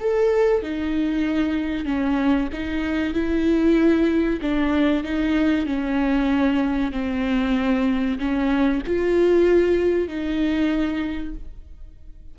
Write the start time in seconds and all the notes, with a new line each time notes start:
0.00 A4
0.63 D#4
1.85 C#4
2.53 D#4
3.13 E4
4.42 D4
5.04 D#4
5.66 C#4
6.92 C4
8.19 C#4
8.86 F4
10.08 D#4